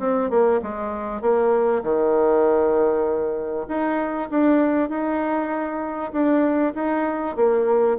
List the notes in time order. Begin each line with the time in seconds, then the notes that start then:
0.00 C4
0.31 A#3
0.63 G#3
1.22 A#3
1.83 D#3
3.68 D#4
4.31 D4
4.90 D#4
6.13 D4
6.75 D#4
7.36 A#3